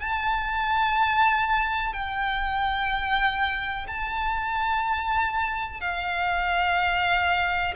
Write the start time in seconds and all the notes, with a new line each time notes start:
0.00 A5
1.93 G5
3.87 A5
5.80 F5